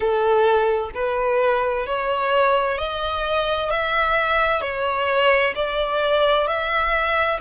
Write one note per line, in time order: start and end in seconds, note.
0.00 0.90 A4
0.94 1.86 B4
1.86 2.77 C#5
2.77 3.70 D#5
3.70 4.61 E5
4.61 5.53 C#5
5.55 6.47 D5
6.47 7.39 E5